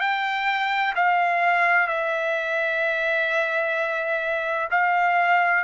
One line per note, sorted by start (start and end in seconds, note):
0.00 0.94 G5
0.95 1.87 F5
1.87 4.69 E5
4.70 5.64 F5